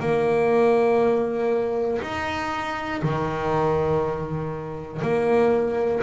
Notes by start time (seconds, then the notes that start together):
0.00 A#3
2.02 D#4
3.02 D#3
5.02 A#3